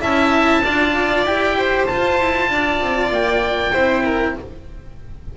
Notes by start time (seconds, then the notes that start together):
0.00 C#4 E4 E5 A5
0.63 D4 F4 D5
1.23 E4 G4 G5
1.57 C5
1.86 F4 A5
2.19 E4
2.49 D4 D5
2.80 C4
3.10 A#3 G5
3.72 C4 E4 C5
4.04 A#4